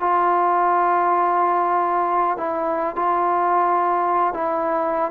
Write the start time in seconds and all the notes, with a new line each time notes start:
0.00 F4
2.37 E4
2.96 F4
4.33 E4